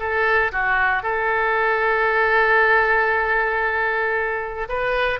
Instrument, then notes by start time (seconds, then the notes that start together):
oboe
0.00 A4
0.53 F#4
1.03 A4
4.69 B4